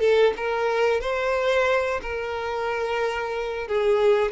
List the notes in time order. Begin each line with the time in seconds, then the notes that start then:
0.00 A4
0.36 A#4
1.00 C5
2.02 A#4
3.68 G#4